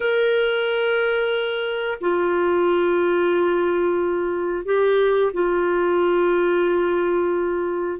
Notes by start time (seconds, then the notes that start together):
0.00 A#4
2.00 F4
4.65 G4
5.33 F4